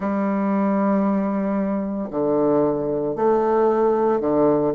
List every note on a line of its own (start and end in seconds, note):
0.00 2.09 G3
2.10 3.15 D3
3.15 4.20 A3
4.20 4.73 D3